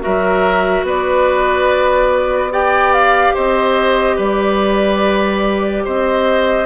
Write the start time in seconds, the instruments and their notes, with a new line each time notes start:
0.00 bassoon F#3, clarinet F#4, oboe A#4, flute E5
0.83 bassoon B3, oboe B4, flute D5
2.51 clarinet G4, oboe D5, flute G5
2.93 flute F5
3.34 bassoon C4, oboe C5, flute D#5
4.16 bassoon G3, oboe B4, flute D5
5.84 bassoon C4, oboe C5, flute D#5